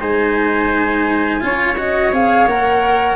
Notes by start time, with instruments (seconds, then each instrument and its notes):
0.00 tuba G#3, cello D#4, trumpet C5, flute G#5
1.41 tuba C#4, cello F4, trumpet C#5
1.78 cello F#4, flute D#5
2.13 tuba C4, cello G#4, flute F5
2.47 tuba A#3, cello A#4, flute F#5